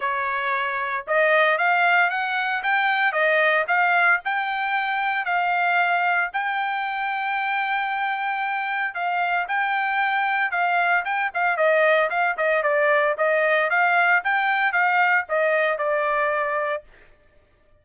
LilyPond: \new Staff \with { instrumentName = "trumpet" } { \time 4/4 \tempo 4 = 114 cis''2 dis''4 f''4 | fis''4 g''4 dis''4 f''4 | g''2 f''2 | g''1~ |
g''4 f''4 g''2 | f''4 g''8 f''8 dis''4 f''8 dis''8 | d''4 dis''4 f''4 g''4 | f''4 dis''4 d''2 | }